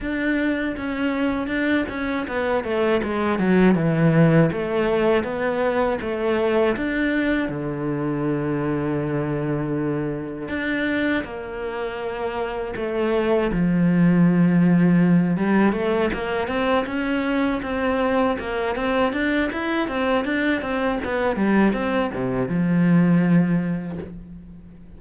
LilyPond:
\new Staff \with { instrumentName = "cello" } { \time 4/4 \tempo 4 = 80 d'4 cis'4 d'8 cis'8 b8 a8 | gis8 fis8 e4 a4 b4 | a4 d'4 d2~ | d2 d'4 ais4~ |
ais4 a4 f2~ | f8 g8 a8 ais8 c'8 cis'4 c'8~ | c'8 ais8 c'8 d'8 e'8 c'8 d'8 c'8 | b8 g8 c'8 c8 f2 | }